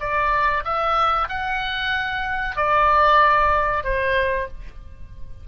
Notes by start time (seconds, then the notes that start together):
0.00 D5
0.65 E5
1.29 F#5
2.56 D5
3.84 C5